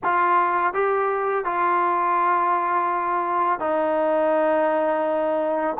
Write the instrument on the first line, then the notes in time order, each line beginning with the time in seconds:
trombone
0.03 F4
0.73 G4
1.45 F4
3.59 D#4